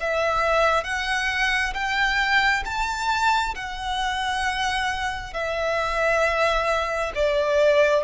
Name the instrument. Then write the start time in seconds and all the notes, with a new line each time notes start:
violin
0.00 E5
0.83 F#5
1.73 G5
2.65 A5
3.55 F#5
5.33 E5
7.14 D5